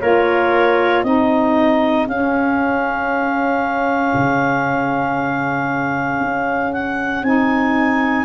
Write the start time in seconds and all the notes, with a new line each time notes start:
0.00 A#3 F4 A#4 C#5
1.03 C4 D#4 G#4 D#5
2.07 C#4 F5
4.14 C#3
6.20 C#4
6.73 F#5
7.22 C4 D#4 G#5